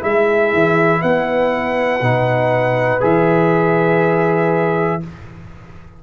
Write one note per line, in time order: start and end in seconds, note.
0.00 0.53 G#3
0.00 2.00 E4
0.00 1.00 G#4
0.00 1.02 E5
0.53 1.03 E3
1.01 2.01 B3
1.01 5.01 B4
1.01 3.02 F#5
2.01 3.01 B2
2.01 3.00 D#4
3.00 5.03 E3
3.00 5.00 G#4
3.00 5.03 E5